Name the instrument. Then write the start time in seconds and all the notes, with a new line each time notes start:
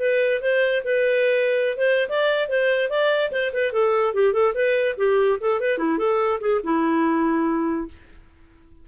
clarinet
0.00 B4
0.42 C5
0.85 B4
1.78 C5
2.09 D5
2.49 C5
2.90 D5
3.32 C5
3.54 B4
3.73 A4
4.14 G4
4.34 A4
4.55 B4
4.98 G4
5.41 A4
5.61 B4
5.79 E4
5.98 A4
6.41 G#4
6.64 E4